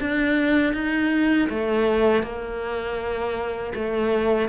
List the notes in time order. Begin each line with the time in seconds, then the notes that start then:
0.00 D4
0.73 D#4
1.49 A3
2.23 A#3
3.74 A3